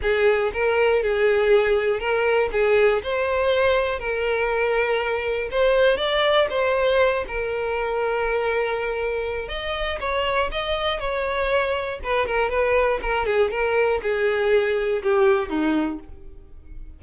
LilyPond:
\new Staff \with { instrumentName = "violin" } { \time 4/4 \tempo 4 = 120 gis'4 ais'4 gis'2 | ais'4 gis'4 c''2 | ais'2. c''4 | d''4 c''4. ais'4.~ |
ais'2. dis''4 | cis''4 dis''4 cis''2 | b'8 ais'8 b'4 ais'8 gis'8 ais'4 | gis'2 g'4 dis'4 | }